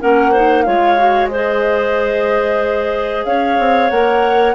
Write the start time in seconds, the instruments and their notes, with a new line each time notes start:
0.00 bassoon A#3, clarinet C#4 A#4, flute F#5
0.31 clarinet D#4 C5
0.62 bassoon G#3, clarinet F4 C#5, flute F5
0.97 clarinet F#4
1.31 clarinet G#4 C5, flute D#5
3.24 bassoon C#4, clarinet C#5, flute F5
3.59 bassoon C4
3.89 bassoon A#3, clarinet A#4, flute F#5